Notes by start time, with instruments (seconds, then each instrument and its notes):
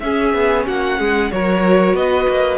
0.00 cello C#4, viola C#4, violin G#4 E5
0.34 cello B3
0.67 cello A#3, violin F#4 F#5
0.99 cello G#3, violin G#4
1.32 cello F#3, viola F#4, violin A#4 C#5
1.94 cello B3, violin B4 D#5
2.29 cello A#3